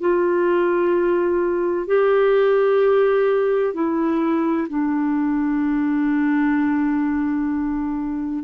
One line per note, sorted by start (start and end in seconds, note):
0.00 1.87 F4
1.87 3.74 G4
3.74 4.67 E4
4.69 8.44 D4